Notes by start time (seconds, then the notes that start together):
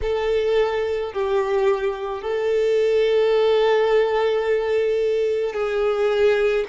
0.02 A4
1.13 G4
2.22 A4
5.53 G#4